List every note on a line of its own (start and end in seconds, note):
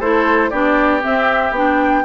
0.00 0.51 A3
0.00 0.52 E4
0.00 0.51 A4
0.00 0.50 C5
0.50 1.03 B3
0.50 1.01 D4
0.50 2.04 G4
0.50 1.02 D5
1.01 1.53 C4
1.01 1.51 C4
1.01 1.55 E5
1.51 2.03 B3
1.51 2.05 D4
1.51 2.05 G5